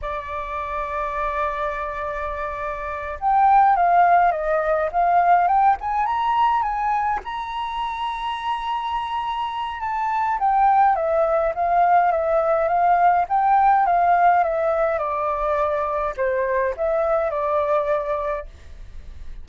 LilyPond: \new Staff \with { instrumentName = "flute" } { \time 4/4 \tempo 4 = 104 d''1~ | d''4. g''4 f''4 dis''8~ | dis''8 f''4 g''8 gis''8 ais''4 gis''8~ | gis''8 ais''2.~ ais''8~ |
ais''4 a''4 g''4 e''4 | f''4 e''4 f''4 g''4 | f''4 e''4 d''2 | c''4 e''4 d''2 | }